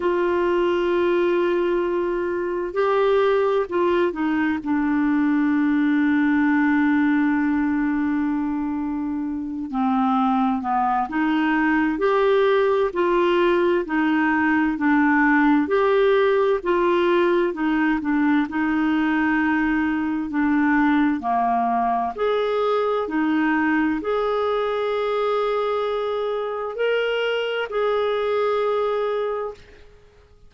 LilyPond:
\new Staff \with { instrumentName = "clarinet" } { \time 4/4 \tempo 4 = 65 f'2. g'4 | f'8 dis'8 d'2.~ | d'2~ d'8 c'4 b8 | dis'4 g'4 f'4 dis'4 |
d'4 g'4 f'4 dis'8 d'8 | dis'2 d'4 ais4 | gis'4 dis'4 gis'2~ | gis'4 ais'4 gis'2 | }